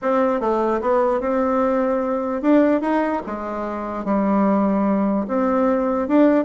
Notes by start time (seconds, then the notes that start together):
0.02 C4
0.40 A3
0.81 B3
1.20 C4
2.42 D4
2.81 D#4
3.26 G#3
4.04 G3
5.27 C4
6.08 D4